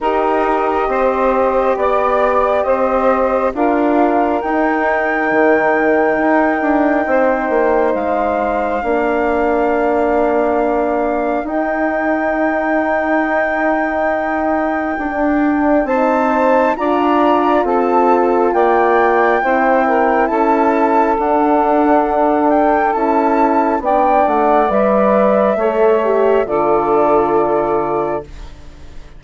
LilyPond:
<<
  \new Staff \with { instrumentName = "flute" } { \time 4/4 \tempo 4 = 68 dis''2 d''4 dis''4 | f''4 g''2.~ | g''4 f''2.~ | f''4 g''2.~ |
g''2 a''4 ais''4 | a''4 g''2 a''4 | fis''4. g''8 a''4 g''8 fis''8 | e''2 d''2 | }
  \new Staff \with { instrumentName = "saxophone" } { \time 4/4 ais'4 c''4 d''4 c''4 | ais'1 | c''2 ais'2~ | ais'1~ |
ais'2 c''4 d''4 | a'4 d''4 c''8 ais'8 a'4~ | a'2. d''4~ | d''4 cis''4 a'2 | }
  \new Staff \with { instrumentName = "horn" } { \time 4/4 g'1 | f'4 dis'2.~ | dis'2 d'2~ | d'4 dis'2.~ |
dis'4 d'4 dis'4 f'4~ | f'2 e'2 | d'2 e'4 d'4 | b'4 a'8 g'8 f'2 | }
  \new Staff \with { instrumentName = "bassoon" } { \time 4/4 dis'4 c'4 b4 c'4 | d'4 dis'4 dis4 dis'8 d'8 | c'8 ais8 gis4 ais2~ | ais4 dis'2.~ |
dis'4 d'4 c'4 d'4 | c'4 ais4 c'4 cis'4 | d'2 cis'4 b8 a8 | g4 a4 d2 | }
>>